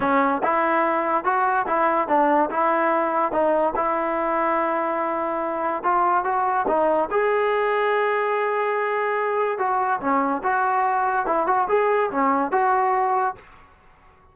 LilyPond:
\new Staff \with { instrumentName = "trombone" } { \time 4/4 \tempo 4 = 144 cis'4 e'2 fis'4 | e'4 d'4 e'2 | dis'4 e'2.~ | e'2 f'4 fis'4 |
dis'4 gis'2.~ | gis'2. fis'4 | cis'4 fis'2 e'8 fis'8 | gis'4 cis'4 fis'2 | }